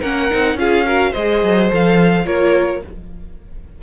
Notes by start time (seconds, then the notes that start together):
0.00 A#3 C#4 A#4 F#5
0.30 C4 D#4
0.55 C#4 F4 G#4 F5
0.87 F#4 A#4
1.11 G#3 C5 D#5
1.19 G#4
1.43 F#3
1.70 F3 A4 F5
2.25 A#3 F4 A#4 C#5